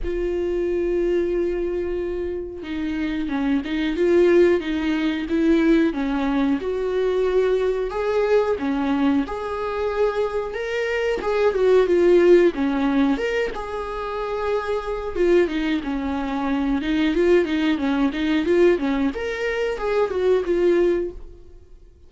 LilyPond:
\new Staff \with { instrumentName = "viola" } { \time 4/4 \tempo 4 = 91 f'1 | dis'4 cis'8 dis'8 f'4 dis'4 | e'4 cis'4 fis'2 | gis'4 cis'4 gis'2 |
ais'4 gis'8 fis'8 f'4 cis'4 | ais'8 gis'2~ gis'8 f'8 dis'8 | cis'4. dis'8 f'8 dis'8 cis'8 dis'8 | f'8 cis'8 ais'4 gis'8 fis'8 f'4 | }